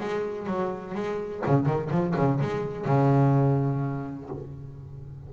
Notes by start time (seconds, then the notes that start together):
0.00 G#3
0.46 F#3
0.94 G#3
1.46 C#3
1.66 D#3
1.90 F3
2.16 C#3
2.41 G#3
2.85 C#3